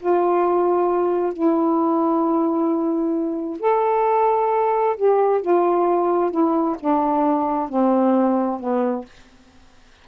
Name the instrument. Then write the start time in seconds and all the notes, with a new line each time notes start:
saxophone
0.00 F4
1.33 E4
3.60 A4
4.97 G4
5.42 F4
6.31 E4
6.80 D4
7.69 C4
8.60 B3